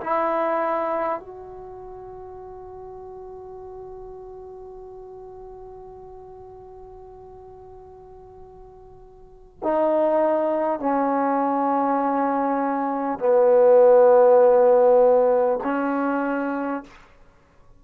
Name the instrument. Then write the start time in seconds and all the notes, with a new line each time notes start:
trombone
0.00 E4
1.19 F#4
9.63 D#4
10.79 C#4
13.19 B3
15.63 C#4